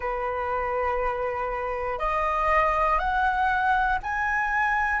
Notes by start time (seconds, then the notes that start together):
0.00 B4
1.98 D#5
2.99 F#5
4.02 G#5